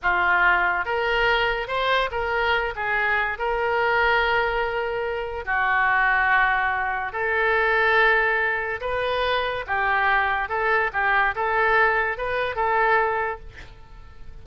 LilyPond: \new Staff \with { instrumentName = "oboe" } { \time 4/4 \tempo 4 = 143 f'2 ais'2 | c''4 ais'4. gis'4. | ais'1~ | ais'4 fis'2.~ |
fis'4 a'2.~ | a'4 b'2 g'4~ | g'4 a'4 g'4 a'4~ | a'4 b'4 a'2 | }